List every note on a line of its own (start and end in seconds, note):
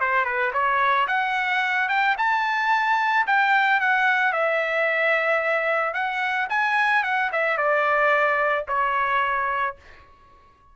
0.00 0.25 C5
0.25 0.52 B4
0.53 1.07 C#5
1.07 1.88 F#5
1.89 2.16 G5
2.18 3.26 A5
3.27 3.80 G5
3.80 4.32 F#5
4.32 5.94 E5
5.94 6.48 F#5
6.49 7.03 G#5
7.03 7.30 F#5
7.32 7.57 E5
7.57 8.65 D5
8.68 9.76 C#5